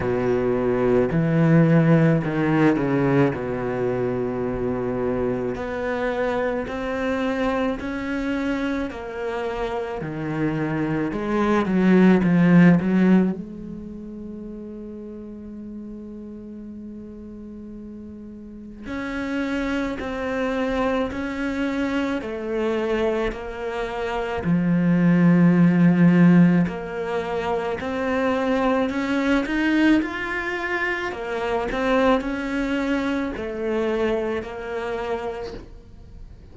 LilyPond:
\new Staff \with { instrumentName = "cello" } { \time 4/4 \tempo 4 = 54 b,4 e4 dis8 cis8 b,4~ | b,4 b4 c'4 cis'4 | ais4 dis4 gis8 fis8 f8 fis8 | gis1~ |
gis4 cis'4 c'4 cis'4 | a4 ais4 f2 | ais4 c'4 cis'8 dis'8 f'4 | ais8 c'8 cis'4 a4 ais4 | }